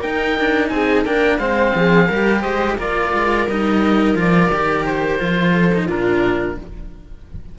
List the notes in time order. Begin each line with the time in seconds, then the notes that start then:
0.00 D#4 A#4 G5
0.39 D4
0.69 C4 G#4 G#5
1.05 A#3 D4 A#4 G5
1.39 G#3 C4 C5 F5
1.75 F3 G#4
2.08 G3 G4 A#4
2.41 G#3 C5 D#5
2.78 A#3 F4 A#4 D5
3.14 G#3
3.47 G3 D#4 D#5
4.15 F3 F4 D5
4.50 D#3 G4
4.85 C5
5.19 F3 F4
5.53 A4
5.74 D#4
5.86 A#2 D4 F4 A#4